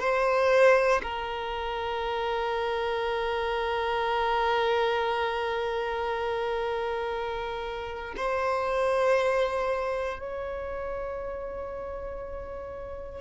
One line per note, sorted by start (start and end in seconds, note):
0.00 1.02 C5
1.03 8.15 A#4
8.17 10.20 C5
10.20 13.22 C#5